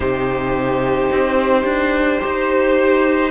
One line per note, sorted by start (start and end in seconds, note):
0.00 1.09 C3
0.00 2.19 D#4
0.00 2.21 G4
0.00 3.31 C5
1.12 1.63 C4
1.63 2.19 D4
2.19 3.31 D#4
2.19 3.31 G4
2.19 3.31 C5